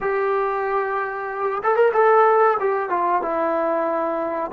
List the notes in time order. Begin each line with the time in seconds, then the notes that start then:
0.01 G4
1.63 A4
1.76 A#4
1.93 A4
2.60 G4
2.89 F4
3.22 E4